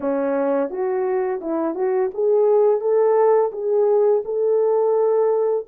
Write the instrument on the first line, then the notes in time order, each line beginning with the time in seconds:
horn
0.00 C#4
0.69 F#4
1.41 E4
1.75 F#4
2.14 G#4
2.80 A4
3.52 G#4
4.24 A4